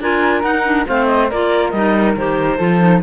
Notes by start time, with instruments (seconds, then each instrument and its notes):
0.00 cello D4, clarinet F4 G#5, flute A#4
0.42 cello D#4, clarinet D#4 F#5
0.64 clarinet D4
0.87 cello A3, clarinet C4 F5, flute C5
1.06 clarinet D#5
1.29 cello A#3, clarinet F4 D5, flute A#4
1.70 cello G3, clarinet D#4 D#5
2.16 cello D#3, clarinet G4 C5
2.57 cello F3, clarinet F4, flute A4
2.79 clarinet D#4